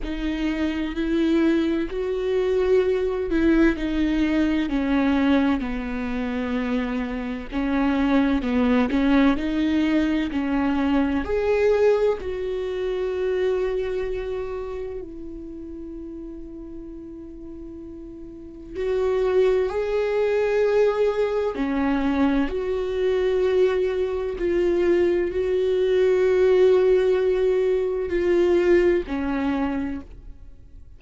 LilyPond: \new Staff \with { instrumentName = "viola" } { \time 4/4 \tempo 4 = 64 dis'4 e'4 fis'4. e'8 | dis'4 cis'4 b2 | cis'4 b8 cis'8 dis'4 cis'4 | gis'4 fis'2. |
e'1 | fis'4 gis'2 cis'4 | fis'2 f'4 fis'4~ | fis'2 f'4 cis'4 | }